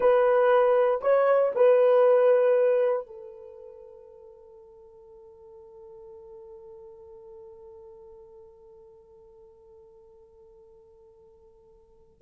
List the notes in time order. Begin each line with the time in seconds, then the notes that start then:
0.00 B4
1.01 C#5
1.55 B4
3.06 A4